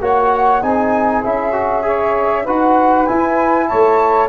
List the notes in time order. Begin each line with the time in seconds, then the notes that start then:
0.00 A#3 F#4 C#5 F#5
0.61 C4 D#4 G#4 G#5
1.23 C#4 E4 E5
1.52 F#4
1.82 G#4 C#5
2.43 D#4 F#4 B4 F#5
3.05 E4 G#5
3.67 A3 C#5 A5